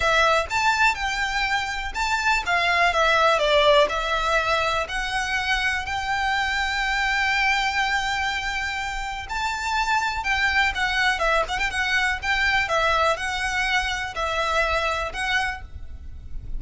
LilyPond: \new Staff \with { instrumentName = "violin" } { \time 4/4 \tempo 4 = 123 e''4 a''4 g''2 | a''4 f''4 e''4 d''4 | e''2 fis''2 | g''1~ |
g''2. a''4~ | a''4 g''4 fis''4 e''8 fis''16 g''16 | fis''4 g''4 e''4 fis''4~ | fis''4 e''2 fis''4 | }